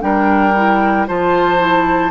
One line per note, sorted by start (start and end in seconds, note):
0.00 1.07 G3
0.00 0.53 D4
0.00 1.07 A#4
0.00 1.06 G5
0.56 1.07 E4
1.07 2.11 F3
1.07 1.59 F4
1.07 2.11 C5
1.07 2.11 A5
1.59 2.11 E4